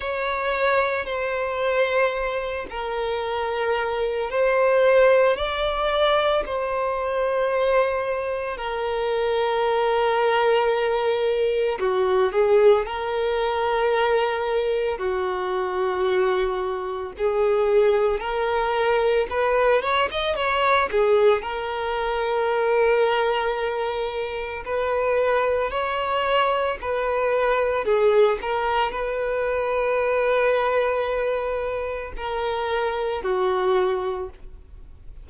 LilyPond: \new Staff \with { instrumentName = "violin" } { \time 4/4 \tempo 4 = 56 cis''4 c''4. ais'4. | c''4 d''4 c''2 | ais'2. fis'8 gis'8 | ais'2 fis'2 |
gis'4 ais'4 b'8 cis''16 dis''16 cis''8 gis'8 | ais'2. b'4 | cis''4 b'4 gis'8 ais'8 b'4~ | b'2 ais'4 fis'4 | }